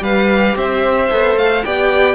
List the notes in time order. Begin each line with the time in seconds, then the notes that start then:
0.00 G3 G4 B4 F5
0.57 C4 C5 E5
1.11 B3 A4
1.37 A3 F5
1.65 B3 G4 D5 G5